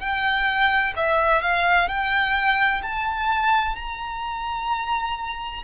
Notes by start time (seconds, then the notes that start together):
0.00 G5
0.97 E5
1.42 F5
1.88 G5
2.83 A5
3.76 A#5